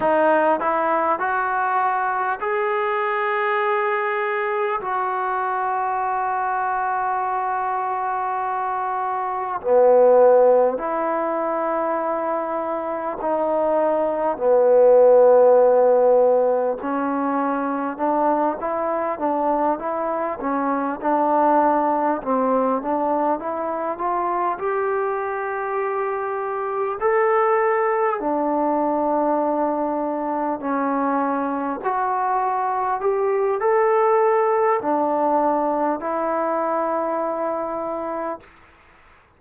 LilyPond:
\new Staff \with { instrumentName = "trombone" } { \time 4/4 \tempo 4 = 50 dis'8 e'8 fis'4 gis'2 | fis'1 | b4 e'2 dis'4 | b2 cis'4 d'8 e'8 |
d'8 e'8 cis'8 d'4 c'8 d'8 e'8 | f'8 g'2 a'4 d'8~ | d'4. cis'4 fis'4 g'8 | a'4 d'4 e'2 | }